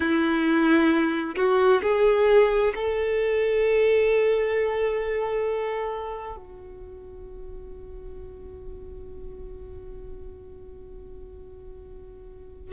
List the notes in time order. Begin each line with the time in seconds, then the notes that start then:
0.00 E4
1.36 F#4
1.82 G#4
2.74 A4
6.36 F#4